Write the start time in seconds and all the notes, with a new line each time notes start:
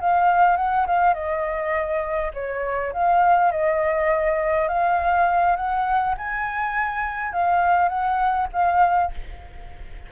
0.00 F5
0.57 F#5
0.86 F5
1.14 D#5
2.34 C#5
2.93 F5
3.51 D#5
4.68 F5
5.56 F#5
6.17 G#5
7.33 F5
7.89 F#5
8.52 F5